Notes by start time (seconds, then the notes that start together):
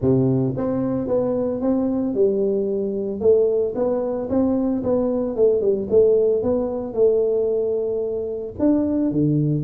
0.01 C3
0.56 C4
1.07 B3
1.61 C4
2.14 G3
3.20 A3
3.75 B3
4.29 C4
4.83 B3
5.35 A3
5.61 G3
5.90 A3
6.42 B3
6.93 A3
8.59 D4
9.11 D3